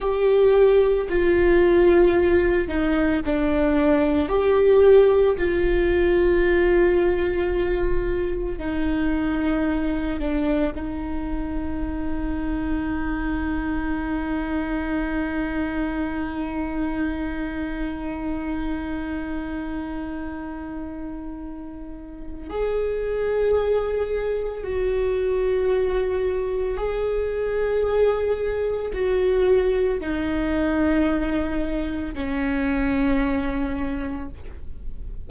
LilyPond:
\new Staff \with { instrumentName = "viola" } { \time 4/4 \tempo 4 = 56 g'4 f'4. dis'8 d'4 | g'4 f'2. | dis'4. d'8 dis'2~ | dis'1~ |
dis'1~ | dis'4 gis'2 fis'4~ | fis'4 gis'2 fis'4 | dis'2 cis'2 | }